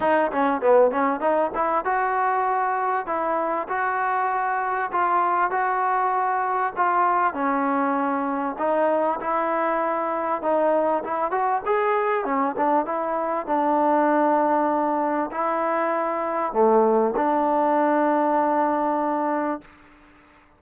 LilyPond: \new Staff \with { instrumentName = "trombone" } { \time 4/4 \tempo 4 = 98 dis'8 cis'8 b8 cis'8 dis'8 e'8 fis'4~ | fis'4 e'4 fis'2 | f'4 fis'2 f'4 | cis'2 dis'4 e'4~ |
e'4 dis'4 e'8 fis'8 gis'4 | cis'8 d'8 e'4 d'2~ | d'4 e'2 a4 | d'1 | }